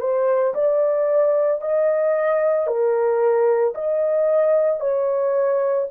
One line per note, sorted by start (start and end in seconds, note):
0.00 0.54 C5
0.55 1.61 D5
1.61 2.67 D#5
2.67 3.74 A#4
3.75 4.80 D#5
4.80 5.87 C#5